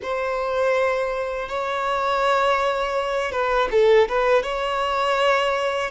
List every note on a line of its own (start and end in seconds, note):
0.02 1.48 C5
1.48 3.31 C#5
3.31 3.68 B4
3.71 4.08 A4
4.08 4.42 B4
4.42 5.90 C#5